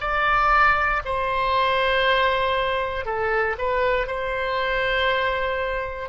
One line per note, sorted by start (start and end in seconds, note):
0.00 1.02 D5
1.05 3.05 C5
3.05 3.56 A4
3.58 4.07 B4
4.07 6.09 C5